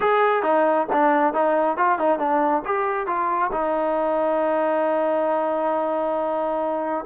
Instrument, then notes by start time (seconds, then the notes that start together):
trombone
0.00 G#4
0.43 D#4
0.92 D4
1.33 D#4
1.77 F4
1.99 D#4
2.18 D4
2.65 G4
3.06 F4
3.52 D#4